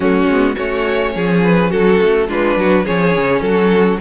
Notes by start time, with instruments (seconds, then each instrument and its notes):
0.00 cello F#3, viola A3, violin C#4 F#4
0.27 cello G#3, viola B3
0.55 cello A3, viola C#4, violin F#4 C#5
1.15 cello F3, violin G#4
1.43 violin B4
1.69 cello F#3, violin F#4 A4
2.01 cello A3
2.27 cello G#3, viola D4, violin F4 B4
2.56 cello F#3, violin F#4
2.84 cello F3, viola C#4, violin G#4 C#5
3.16 cello C#3
3.40 cello F#3, violin F#4 A4